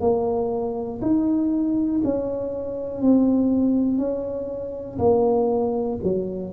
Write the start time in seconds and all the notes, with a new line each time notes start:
0.00 A#3
1.01 D#4
2.04 C#4
3.01 C4
3.98 C#4
4.98 A#3
6.03 F#3